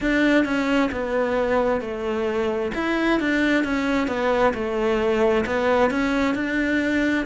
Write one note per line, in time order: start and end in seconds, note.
0.00 0.44 D4
0.44 0.90 C#4
0.91 1.81 B3
1.81 2.71 A3
2.74 3.19 E4
3.19 3.64 D4
3.64 4.07 C#4
4.07 4.53 B3
4.53 5.44 A3
5.45 5.90 B3
5.90 6.34 C#4
6.34 7.25 D4